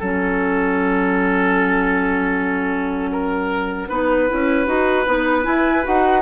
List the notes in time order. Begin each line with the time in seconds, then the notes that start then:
0.00 F#3 C#4 A4 F#5
3.12 A#4
3.89 B3 D#4 B4
4.30 C#4 E4
4.66 D#4 F#4
5.06 B3 D#4
5.43 E4 G#5
5.84 D#4 F#4 F#5